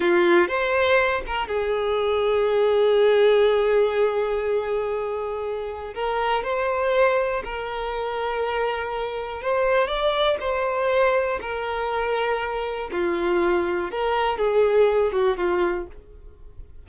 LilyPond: \new Staff \with { instrumentName = "violin" } { \time 4/4 \tempo 4 = 121 f'4 c''4. ais'8 gis'4~ | gis'1~ | gis'1 | ais'4 c''2 ais'4~ |
ais'2. c''4 | d''4 c''2 ais'4~ | ais'2 f'2 | ais'4 gis'4. fis'8 f'4 | }